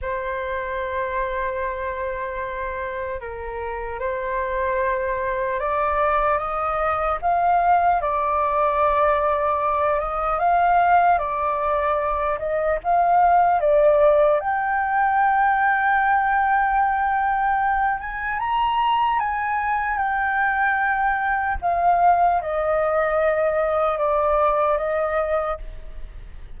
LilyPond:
\new Staff \with { instrumentName = "flute" } { \time 4/4 \tempo 4 = 75 c''1 | ais'4 c''2 d''4 | dis''4 f''4 d''2~ | d''8 dis''8 f''4 d''4. dis''8 |
f''4 d''4 g''2~ | g''2~ g''8 gis''8 ais''4 | gis''4 g''2 f''4 | dis''2 d''4 dis''4 | }